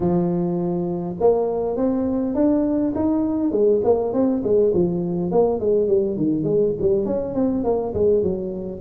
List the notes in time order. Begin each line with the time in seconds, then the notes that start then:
0.00 F3
1.20 A#3
1.76 C4
2.34 D4
2.95 D#4
3.51 G#3
3.84 A#3
4.13 C4
4.43 G#3
4.74 F3
5.31 A#3
5.60 G#3
5.87 G3
6.17 D#3
6.43 G#3
6.81 G3
7.05 C#4
7.34 C4
7.64 A#3
7.94 G#3
8.22 F#3